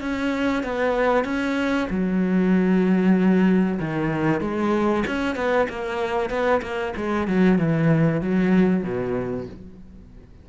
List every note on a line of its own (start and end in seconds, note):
0.00 0.63 C#4
0.63 1.24 B3
1.24 1.87 C#4
1.90 3.79 F#3
3.79 4.41 D#3
4.41 5.04 G#3
5.07 5.35 C#4
5.35 5.67 B3
5.69 6.30 A#3
6.30 6.61 B3
6.62 6.94 A#3
6.96 7.27 G#3
7.27 7.58 F#3
7.58 8.21 E3
8.21 8.83 F#3
8.83 9.47 B2